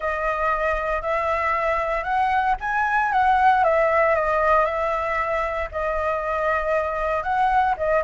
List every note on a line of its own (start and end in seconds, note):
0.00 1.01 D#5
1.01 2.03 E5
2.03 2.55 F#5
2.60 3.12 G#5
3.12 3.63 F#5
3.64 4.15 E5
4.15 4.65 D#5
4.65 5.68 E5
5.71 7.23 D#5
7.23 7.74 F#5
7.77 8.03 D#5